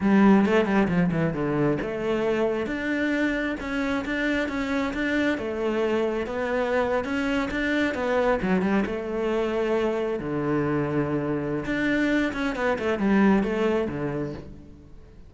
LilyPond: \new Staff \with { instrumentName = "cello" } { \time 4/4 \tempo 4 = 134 g4 a8 g8 f8 e8 d4 | a2 d'2 | cis'4 d'4 cis'4 d'4 | a2 b4.~ b16 cis'16~ |
cis'8. d'4 b4 fis8 g8 a16~ | a2~ a8. d4~ d16~ | d2 d'4. cis'8 | b8 a8 g4 a4 d4 | }